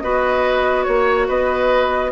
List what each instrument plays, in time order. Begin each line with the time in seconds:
0.00 bassoon B3, clarinet F#4, oboe B4, flute D#5
0.83 bassoon A#3, flute C#5, oboe C#5
1.29 bassoon B3, oboe B4, flute D#5